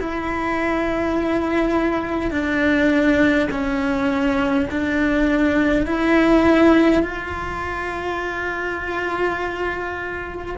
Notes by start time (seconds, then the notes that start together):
0.00 E4
2.31 D4
3.51 C#4
4.71 D4
5.86 E4
7.03 F4